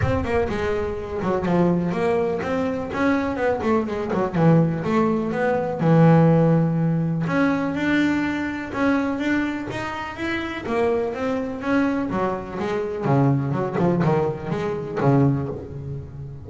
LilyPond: \new Staff \with { instrumentName = "double bass" } { \time 4/4 \tempo 4 = 124 c'8 ais8 gis4. fis8 f4 | ais4 c'4 cis'4 b8 a8 | gis8 fis8 e4 a4 b4 | e2. cis'4 |
d'2 cis'4 d'4 | dis'4 e'4 ais4 c'4 | cis'4 fis4 gis4 cis4 | fis8 f8 dis4 gis4 cis4 | }